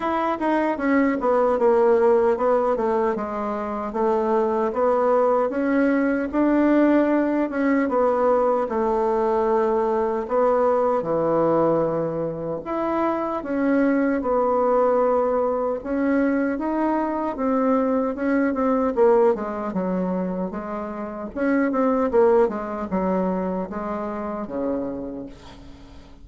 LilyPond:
\new Staff \with { instrumentName = "bassoon" } { \time 4/4 \tempo 4 = 76 e'8 dis'8 cis'8 b8 ais4 b8 a8 | gis4 a4 b4 cis'4 | d'4. cis'8 b4 a4~ | a4 b4 e2 |
e'4 cis'4 b2 | cis'4 dis'4 c'4 cis'8 c'8 | ais8 gis8 fis4 gis4 cis'8 c'8 | ais8 gis8 fis4 gis4 cis4 | }